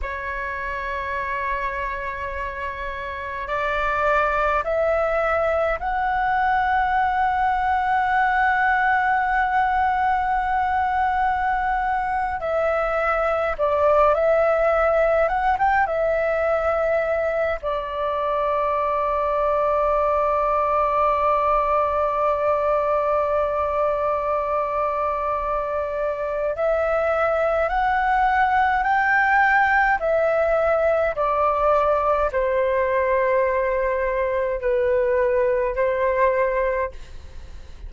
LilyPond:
\new Staff \with { instrumentName = "flute" } { \time 4/4 \tempo 4 = 52 cis''2. d''4 | e''4 fis''2.~ | fis''2~ fis''8. e''4 d''16~ | d''16 e''4 fis''16 g''16 e''4. d''8.~ |
d''1~ | d''2. e''4 | fis''4 g''4 e''4 d''4 | c''2 b'4 c''4 | }